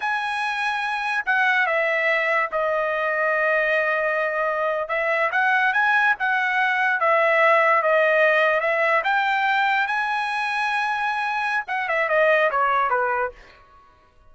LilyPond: \new Staff \with { instrumentName = "trumpet" } { \time 4/4 \tempo 4 = 144 gis''2. fis''4 | e''2 dis''2~ | dis''2.~ dis''8. e''16~ | e''8. fis''4 gis''4 fis''4~ fis''16~ |
fis''8. e''2 dis''4~ dis''16~ | dis''8. e''4 g''2 gis''16~ | gis''1 | fis''8 e''8 dis''4 cis''4 b'4 | }